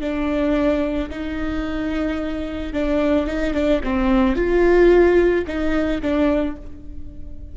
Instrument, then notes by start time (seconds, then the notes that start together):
viola
0.00 D4
1.09 D#4
2.73 D4
3.27 D#4
3.53 D4
3.83 C4
4.36 F4
5.47 D#4
6.01 D4